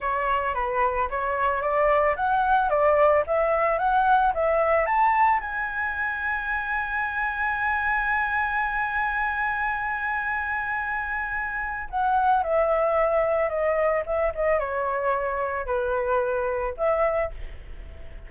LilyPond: \new Staff \with { instrumentName = "flute" } { \time 4/4 \tempo 4 = 111 cis''4 b'4 cis''4 d''4 | fis''4 d''4 e''4 fis''4 | e''4 a''4 gis''2~ | gis''1~ |
gis''1~ | gis''2 fis''4 e''4~ | e''4 dis''4 e''8 dis''8 cis''4~ | cis''4 b'2 e''4 | }